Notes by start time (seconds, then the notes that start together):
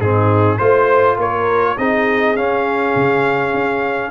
0.00 G#2 C4 D#4 G#4
0.58 A3 F4 C5
1.18 A#3 A#4 C#5
1.78 C4 D#4 G#4 D#5
2.36 C#4 F5
2.96 C#3
3.54 C#4